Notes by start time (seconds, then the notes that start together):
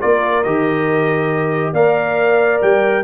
0.00 A#3 F4 A#4 D5
0.43 D#3 G4 D#5
1.73 A#3 A#4 D5 F5
2.61 G3 G5